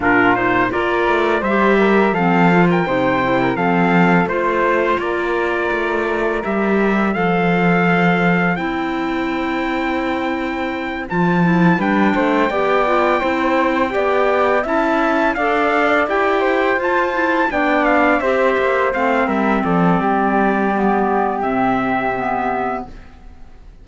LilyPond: <<
  \new Staff \with { instrumentName = "trumpet" } { \time 4/4 \tempo 4 = 84 ais'8 c''8 d''4 e''4 f''8. g''16~ | g''4 f''4 c''4 d''4~ | d''4 e''4 f''2 | g''2.~ g''8 a''8~ |
a''8 g''2.~ g''8~ | g''8 a''4 f''4 g''4 a''8~ | a''8 g''8 f''8 e''4 f''8 e''8 d''8~ | d''2 e''2 | }
  \new Staff \with { instrumentName = "flute" } { \time 4/4 f'4 ais'4 c''8 ais'8 a'8. ais'16 | c''8. ais'16 a'4 c''4 ais'4~ | ais'2 c''2~ | c''1~ |
c''8 b'8 c''8 d''4 c''4 d''8~ | d''8 e''4 d''4. c''4~ | c''8 d''4 c''4. ais'8 a'8 | g'1 | }
  \new Staff \with { instrumentName = "clarinet" } { \time 4/4 d'8 dis'8 f'4 g'4 c'8 f'8 | dis'8 e'8 c'4 f'2~ | f'4 g'4 a'2 | e'2.~ e'8 f'8 |
e'8 d'4 g'8 f'8 e'4 g'8~ | g'8 e'4 a'4 g'4 f'8 | e'8 d'4 g'4 c'4.~ | c'4 b4 c'4 b4 | }
  \new Staff \with { instrumentName = "cello" } { \time 4/4 ais,4 ais8 a8 g4 f4 | c4 f4 a4 ais4 | a4 g4 f2 | c'2.~ c'8 f8~ |
f8 g8 a8 b4 c'4 b8~ | b8 cis'4 d'4 e'4 f'8~ | f'8 b4 c'8 ais8 a8 g8 f8 | g2 c2 | }
>>